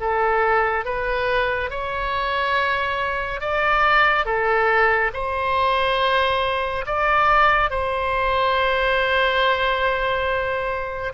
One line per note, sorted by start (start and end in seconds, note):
0.00 0.85 A4
0.85 1.70 B4
1.70 3.41 C#5
3.41 4.25 D5
4.25 5.11 A4
5.14 6.85 C5
6.86 7.70 D5
7.70 11.13 C5